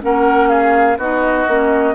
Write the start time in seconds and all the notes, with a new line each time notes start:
0.00 A#3 C#4 A#4 F#5
0.49 G#4 F5
0.97 B3 D#4 F#4 D#5
1.48 A#3 C#4